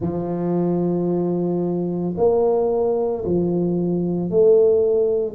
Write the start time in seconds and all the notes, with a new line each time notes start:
0.00 F3
2.17 A#3
3.24 F3
4.30 A3